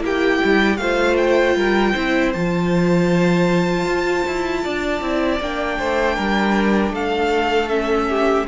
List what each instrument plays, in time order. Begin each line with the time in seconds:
0.00 cello A#3, viola E4, violin G4 G5
0.44 cello G3
0.77 cello A3, viola F4, violin C5 F5
1.16 violin G5
1.55 cello G3, violin A#4
1.92 cello C4, viola E4, violin C5
2.33 cello F3, viola F4, violin A5
3.85 cello F4
4.26 cello E4
4.63 cello D4, violin D5
5.01 cello C4, viola E4
5.40 cello A#3, viola D4, violin G5
5.78 cello A3, violin C5
6.15 cello G3, violin A#4
6.90 cello A3, violin A4 F5
7.69 viola C#4, violin E5
8.08 violin G4